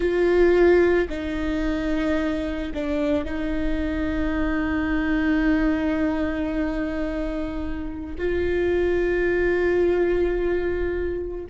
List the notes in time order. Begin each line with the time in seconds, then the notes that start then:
0.00 F4
1.09 D#4
2.74 D4
3.24 D#4
8.18 F4